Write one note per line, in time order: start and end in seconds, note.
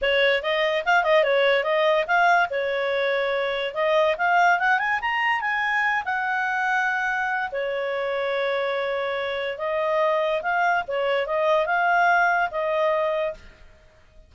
0.01 0.42 C#5
0.42 0.84 D#5
0.85 1.03 F5
1.03 1.23 D#5
1.23 1.63 C#5
1.63 2.05 D#5
2.07 2.48 F5
2.50 3.74 C#5
3.74 4.16 D#5
4.17 4.59 F5
4.59 4.78 F#5
4.78 4.99 G#5
5.01 5.41 A#5
5.41 6.03 G#5
6.04 7.50 F#5
7.51 9.58 C#5
9.58 10.41 D#5
10.41 10.83 F5
10.87 11.26 C#5
11.26 11.66 D#5
11.66 12.49 F5
12.50 13.34 D#5